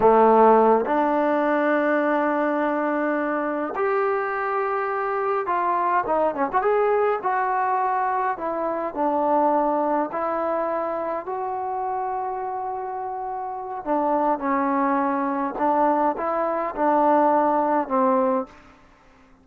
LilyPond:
\new Staff \with { instrumentName = "trombone" } { \time 4/4 \tempo 4 = 104 a4. d'2~ d'8~ | d'2~ d'8 g'4.~ | g'4. f'4 dis'8 cis'16 fis'16 gis'8~ | gis'8 fis'2 e'4 d'8~ |
d'4. e'2 fis'8~ | fis'1 | d'4 cis'2 d'4 | e'4 d'2 c'4 | }